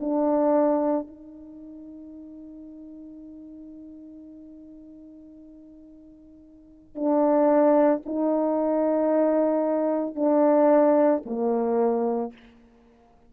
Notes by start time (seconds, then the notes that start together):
0.00 D4
1.07 D#4
6.95 D4
8.06 D#4
10.15 D4
11.26 A#3